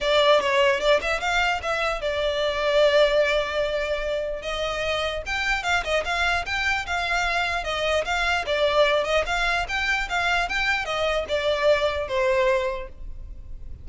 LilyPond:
\new Staff \with { instrumentName = "violin" } { \time 4/4 \tempo 4 = 149 d''4 cis''4 d''8 e''8 f''4 | e''4 d''2.~ | d''2. dis''4~ | dis''4 g''4 f''8 dis''8 f''4 |
g''4 f''2 dis''4 | f''4 d''4. dis''8 f''4 | g''4 f''4 g''4 dis''4 | d''2 c''2 | }